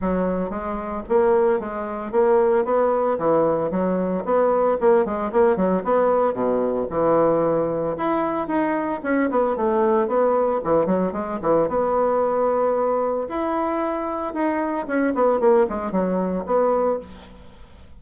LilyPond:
\new Staff \with { instrumentName = "bassoon" } { \time 4/4 \tempo 4 = 113 fis4 gis4 ais4 gis4 | ais4 b4 e4 fis4 | b4 ais8 gis8 ais8 fis8 b4 | b,4 e2 e'4 |
dis'4 cis'8 b8 a4 b4 | e8 fis8 gis8 e8 b2~ | b4 e'2 dis'4 | cis'8 b8 ais8 gis8 fis4 b4 | }